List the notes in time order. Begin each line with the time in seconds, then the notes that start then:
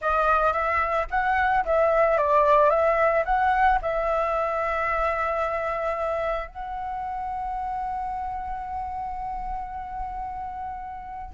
0.01 D#5
0.53 E5
1.10 F#5
1.65 E5
2.17 D5
2.70 E5
3.25 F#5
3.82 E5
6.47 F#5